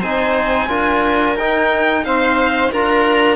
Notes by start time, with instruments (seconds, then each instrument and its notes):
0.00 cello C4, trombone D#4, viola C5, violin G#5
0.68 cello D4, trombone F4, viola A#4
1.36 cello D#4, trombone D#4, violin G5
2.05 trombone C4, viola C5, violin F5
2.72 cello D4, trombone F4, viola A#4, violin A#5